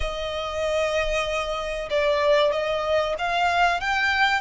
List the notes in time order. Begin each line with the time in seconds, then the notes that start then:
0.00 D#5
1.90 D5
2.52 D#5
3.18 F5
3.80 G5